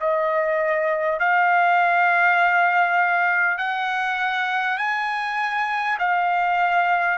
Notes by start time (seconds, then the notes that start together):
0.00 D#5
1.19 F5
3.58 F#5
4.78 G#5
5.99 F5